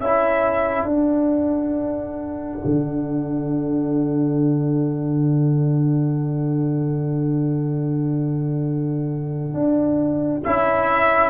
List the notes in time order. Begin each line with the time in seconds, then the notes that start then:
0.00 C#4 E4 A4 E5
0.84 D4 F#5
0.91 D4
2.65 D3
9.54 D4
10.44 C#4 E4 E5